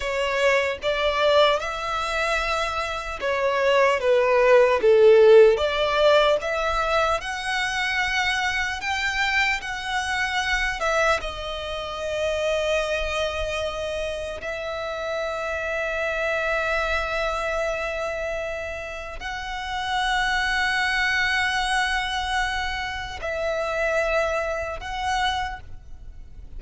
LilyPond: \new Staff \with { instrumentName = "violin" } { \time 4/4 \tempo 4 = 75 cis''4 d''4 e''2 | cis''4 b'4 a'4 d''4 | e''4 fis''2 g''4 | fis''4. e''8 dis''2~ |
dis''2 e''2~ | e''1 | fis''1~ | fis''4 e''2 fis''4 | }